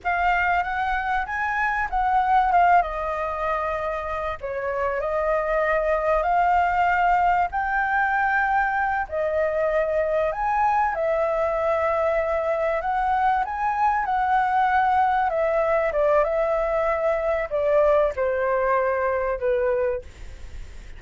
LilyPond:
\new Staff \with { instrumentName = "flute" } { \time 4/4 \tempo 4 = 96 f''4 fis''4 gis''4 fis''4 | f''8 dis''2~ dis''8 cis''4 | dis''2 f''2 | g''2~ g''8 dis''4.~ |
dis''8 gis''4 e''2~ e''8~ | e''8 fis''4 gis''4 fis''4.~ | fis''8 e''4 d''8 e''2 | d''4 c''2 b'4 | }